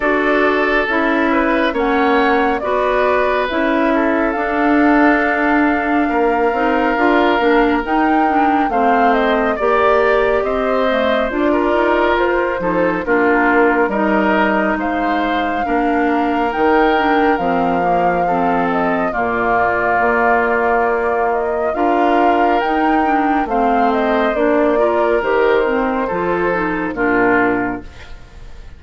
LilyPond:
<<
  \new Staff \with { instrumentName = "flute" } { \time 4/4 \tempo 4 = 69 d''4 e''4 fis''4 d''4 | e''4 f''2.~ | f''4 g''4 f''8 dis''8 d''4 | dis''4 d''4 c''4 ais'4 |
dis''4 f''2 g''4 | f''4. dis''8 d''2~ | d''8 dis''8 f''4 g''4 f''8 dis''8 | d''4 c''2 ais'4 | }
  \new Staff \with { instrumentName = "oboe" } { \time 4/4 a'4. b'8 cis''4 b'4~ | b'8 a'2~ a'8 ais'4~ | ais'2 c''4 d''4 | c''4~ c''16 ais'4~ ais'16 a'8 f'4 |
ais'4 c''4 ais'2~ | ais'4 a'4 f'2~ | f'4 ais'2 c''4~ | c''8 ais'4. a'4 f'4 | }
  \new Staff \with { instrumentName = "clarinet" } { \time 4/4 fis'4 e'4 cis'4 fis'4 | e'4 d'2~ d'8 dis'8 | f'8 d'8 dis'8 d'8 c'4 g'4~ | g'8 a8 f'4. dis'8 d'4 |
dis'2 d'4 dis'8 d'8 | c'8 ais8 c'4 ais2~ | ais4 f'4 dis'8 d'8 c'4 | d'8 f'8 g'8 c'8 f'8 dis'8 d'4 | }
  \new Staff \with { instrumentName = "bassoon" } { \time 4/4 d'4 cis'4 ais4 b4 | cis'4 d'2 ais8 c'8 | d'8 ais8 dis'4 a4 ais4 | c'4 d'8 dis'8 f'8 f8 ais4 |
g4 gis4 ais4 dis4 | f2 ais,4 ais4~ | ais4 d'4 dis'4 a4 | ais4 dis4 f4 ais,4 | }
>>